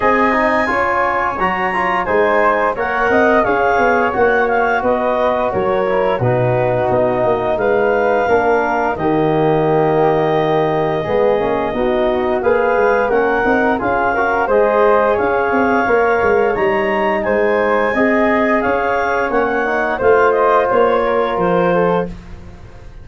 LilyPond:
<<
  \new Staff \with { instrumentName = "clarinet" } { \time 4/4 \tempo 4 = 87 gis''2 ais''4 gis''4 | fis''4 f''4 fis''8 f''8 dis''4 | cis''4 b'4 dis''4 f''4~ | f''4 dis''2.~ |
dis''2 f''4 fis''4 | f''4 dis''4 f''2 | ais''4 gis''2 f''4 | fis''4 f''8 dis''8 cis''4 c''4 | }
  \new Staff \with { instrumentName = "flute" } { \time 4/4 dis''4 cis''2 c''4 | cis''8 dis''8 cis''2 b'4 | ais'4 fis'2 b'4 | ais'4 g'2. |
gis'4 fis'4 b'4 ais'4 | gis'8 ais'8 c''4 cis''2~ | cis''4 c''4 dis''4 cis''4~ | cis''4 c''4. ais'4 a'8 | }
  \new Staff \with { instrumentName = "trombone" } { \time 4/4 gis'8 dis'8 f'4 fis'8 f'8 dis'4 | ais'4 gis'4 fis'2~ | fis'8 e'8 dis'2. | d'4 ais2. |
b8 cis'8 dis'4 gis'4 cis'8 dis'8 | f'8 fis'8 gis'2 ais'4 | dis'2 gis'2 | cis'8 dis'8 f'2. | }
  \new Staff \with { instrumentName = "tuba" } { \time 4/4 c'4 cis'4 fis4 gis4 | ais8 c'8 cis'8 b8 ais4 b4 | fis4 b,4 b8 ais8 gis4 | ais4 dis2. |
gis8 ais8 b4 ais8 gis8 ais8 c'8 | cis'4 gis4 cis'8 c'8 ais8 gis8 | g4 gis4 c'4 cis'4 | ais4 a4 ais4 f4 | }
>>